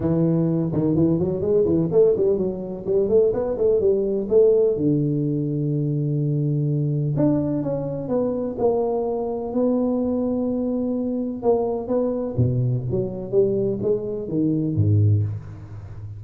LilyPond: \new Staff \with { instrumentName = "tuba" } { \time 4/4 \tempo 4 = 126 e4. dis8 e8 fis8 gis8 e8 | a8 g8 fis4 g8 a8 b8 a8 | g4 a4 d2~ | d2. d'4 |
cis'4 b4 ais2 | b1 | ais4 b4 b,4 fis4 | g4 gis4 dis4 gis,4 | }